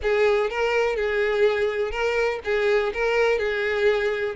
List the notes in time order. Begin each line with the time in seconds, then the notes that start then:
0.02 G#4
0.49 A#4
0.96 G#4
1.91 A#4
2.44 G#4
2.93 A#4
3.38 G#4